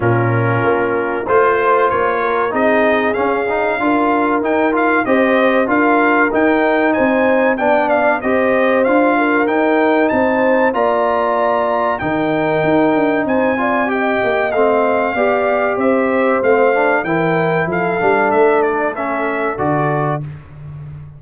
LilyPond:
<<
  \new Staff \with { instrumentName = "trumpet" } { \time 4/4 \tempo 4 = 95 ais'2 c''4 cis''4 | dis''4 f''2 g''8 f''8 | dis''4 f''4 g''4 gis''4 | g''8 f''8 dis''4 f''4 g''4 |
a''4 ais''2 g''4~ | g''4 gis''4 g''4 f''4~ | f''4 e''4 f''4 g''4 | f''4 e''8 d''8 e''4 d''4 | }
  \new Staff \with { instrumentName = "horn" } { \time 4/4 f'2 c''4. ais'8 | gis'2 ais'2 | c''4 ais'2 c''4 | d''4 c''4. ais'4. |
c''4 d''2 ais'4~ | ais'4 c''8 d''8 dis''2 | d''4 c''2 ais'4 | a'1 | }
  \new Staff \with { instrumentName = "trombone" } { \time 4/4 cis'2 f'2 | dis'4 cis'8 dis'8 f'4 dis'8 f'8 | g'4 f'4 dis'2 | d'4 g'4 f'4 dis'4~ |
dis'4 f'2 dis'4~ | dis'4. f'8 g'4 c'4 | g'2 c'8 d'8 e'4~ | e'8 d'4. cis'4 fis'4 | }
  \new Staff \with { instrumentName = "tuba" } { \time 4/4 ais,4 ais4 a4 ais4 | c'4 cis'4 d'4 dis'4 | c'4 d'4 dis'4 c'4 | b4 c'4 d'4 dis'4 |
c'4 ais2 dis4 | dis'8 d'8 c'4. ais8 a4 | b4 c'4 a4 e4 | f8 g8 a2 d4 | }
>>